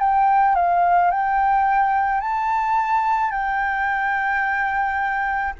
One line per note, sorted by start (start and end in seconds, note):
0.00 0.55 G5
0.55 1.11 F5
1.11 2.21 G5
2.21 3.31 A5
3.31 5.54 G5